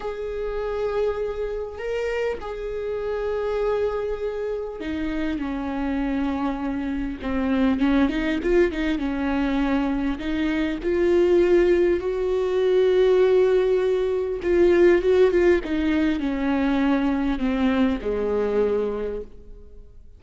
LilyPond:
\new Staff \with { instrumentName = "viola" } { \time 4/4 \tempo 4 = 100 gis'2. ais'4 | gis'1 | dis'4 cis'2. | c'4 cis'8 dis'8 f'8 dis'8 cis'4~ |
cis'4 dis'4 f'2 | fis'1 | f'4 fis'8 f'8 dis'4 cis'4~ | cis'4 c'4 gis2 | }